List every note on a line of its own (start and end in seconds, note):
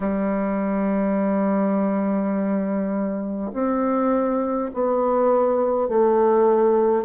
0.00 3.51 G3
3.53 4.71 C4
4.73 5.88 B3
5.88 7.05 A3